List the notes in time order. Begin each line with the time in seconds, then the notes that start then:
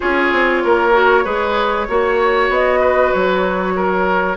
0.00 C#4 F4 G#4 C#5
0.32 C4
0.63 A#3 A#4
0.92 F#4
1.24 G#3 G#4 B4
1.88 A#3 F#4 C#5
2.49 B3 D#5
2.80 B4
3.12 F#3 C#5
3.75 A#4